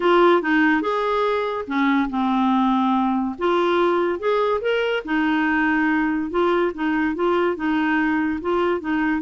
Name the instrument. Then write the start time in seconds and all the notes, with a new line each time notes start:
clarinet
0.00 F4
0.42 D#4
0.81 G#4
1.67 C#4
2.09 C4
3.38 F4
4.19 G#4
4.61 A#4
5.05 D#4
6.30 F4
6.74 D#4
7.15 F4
7.55 D#4
8.41 F4
8.80 D#4